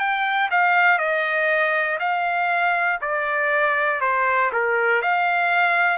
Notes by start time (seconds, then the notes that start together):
0.00 G5
0.51 F5
0.99 D#5
2.00 F5
3.02 D5
4.01 C5
4.53 A#4
5.02 F5